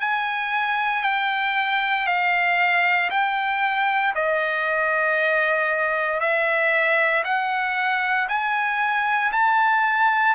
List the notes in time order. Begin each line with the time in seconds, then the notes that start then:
0.00 G#5
1.03 G5
2.06 F5
3.10 G5
4.15 D#5
6.20 E5
7.24 F#5
8.28 G#5
9.32 A5